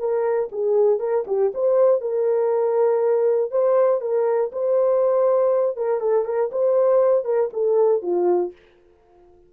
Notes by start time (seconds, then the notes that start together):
0.00 A#4
0.52 G#4
1.00 A#4
1.27 G4
1.55 C5
2.02 A#4
3.51 C5
4.02 A#4
4.52 C5
5.77 A#4
6.01 A4
6.25 A#4
6.52 C5
7.25 A#4
7.53 A4
8.03 F4